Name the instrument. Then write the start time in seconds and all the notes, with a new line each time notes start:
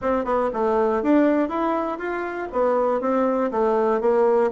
bassoon
0.01 C4
0.25 B3
0.53 A3
1.02 D4
1.49 E4
1.98 F4
2.52 B3
3.00 C4
3.51 A3
4.00 A#3